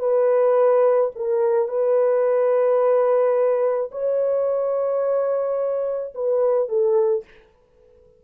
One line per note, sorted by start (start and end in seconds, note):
0.00 1.11 B4
1.16 1.69 A#4
1.69 3.91 B4
3.92 6.14 C#5
6.15 6.69 B4
6.69 7.24 A4